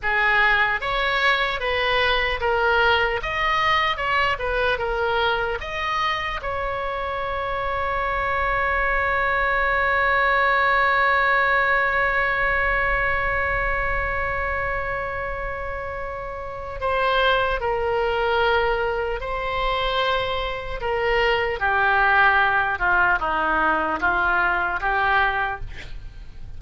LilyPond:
\new Staff \with { instrumentName = "oboe" } { \time 4/4 \tempo 4 = 75 gis'4 cis''4 b'4 ais'4 | dis''4 cis''8 b'8 ais'4 dis''4 | cis''1~ | cis''1~ |
cis''1~ | cis''4 c''4 ais'2 | c''2 ais'4 g'4~ | g'8 f'8 dis'4 f'4 g'4 | }